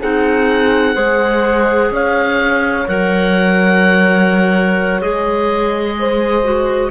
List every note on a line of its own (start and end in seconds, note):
0.00 0.95 C4
0.00 0.94 D#4
0.00 0.95 G#4
0.00 1.92 F#5
0.94 1.90 G#3
0.94 2.85 G#4
0.94 1.90 C5
1.90 2.86 C#4
1.90 5.97 C#5
1.90 2.88 F5
2.87 5.02 F#3
2.87 5.01 A#4
2.87 5.01 F#5
5.01 6.91 G#3
5.01 6.43 G#4
5.01 6.91 D#5
5.99 6.91 C5
6.43 6.90 F#4